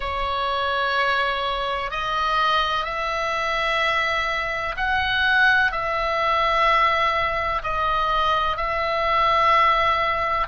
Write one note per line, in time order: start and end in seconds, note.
0.00 1.90 C#5
1.90 2.84 D#5
2.84 4.75 E5
4.76 5.71 F#5
5.71 7.62 E5
7.63 8.56 D#5
8.56 10.47 E5